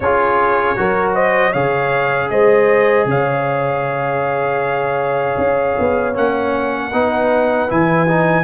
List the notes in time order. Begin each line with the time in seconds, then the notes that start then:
0.00 C#4 F4 G#4 C#5
0.76 F#3 F#4 A#4
1.14 C5 D#5
1.50 C#3 G#4 C#5 F5
2.30 G#3 C5 D#5
3.05 C#3 C#5 F5
5.37 C#4
5.79 B3
6.13 A#3 C#4 F#5
6.92 B3 D#4 B4
7.68 E3 E4 G#5
8.07 D#4